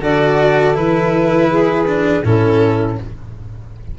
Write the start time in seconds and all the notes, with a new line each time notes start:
0.00 D3 F#4 A4 D5
0.73 E3 E4 B4
1.50 G#4
1.86 D4
2.23 A2 C#4 E4 A4